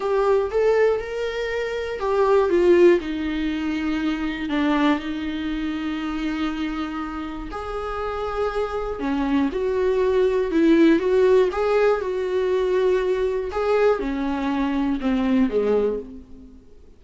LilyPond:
\new Staff \with { instrumentName = "viola" } { \time 4/4 \tempo 4 = 120 g'4 a'4 ais'2 | g'4 f'4 dis'2~ | dis'4 d'4 dis'2~ | dis'2. gis'4~ |
gis'2 cis'4 fis'4~ | fis'4 e'4 fis'4 gis'4 | fis'2. gis'4 | cis'2 c'4 gis4 | }